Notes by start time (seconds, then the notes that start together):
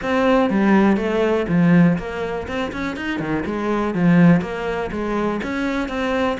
0.02 C4
0.50 G3
0.97 A3
1.48 F3
1.97 A#3
2.47 C4
2.72 C#4
2.96 D#4
3.19 D#3
3.45 G#3
3.94 F3
4.41 A#3
4.91 G#3
5.43 C#4
5.88 C4